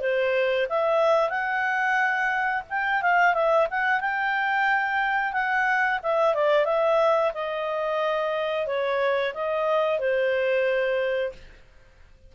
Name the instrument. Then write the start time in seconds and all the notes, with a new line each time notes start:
clarinet
0.00 C5
0.69 E5
1.29 F#5
2.69 G5
3.02 F5
3.33 E5
3.70 F#5
4.00 G5
5.32 F#5
6.02 E5
6.34 D5
6.65 E5
7.34 D#5
8.66 C#5
9.34 D#5
9.98 C5